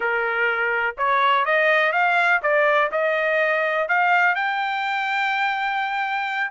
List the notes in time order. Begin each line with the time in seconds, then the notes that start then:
0.00 A#4
0.97 C#5
1.45 D#5
1.92 F5
2.42 D5
2.91 D#5
3.88 F5
4.35 G5